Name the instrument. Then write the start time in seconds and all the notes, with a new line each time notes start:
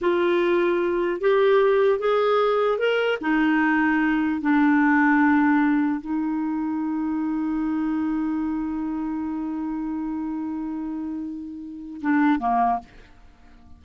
clarinet
0.01 F4
1.20 G4
1.99 G#4
2.78 A#4
3.21 D#4
4.41 D4
6.01 D#4
12.01 D4
12.39 A#3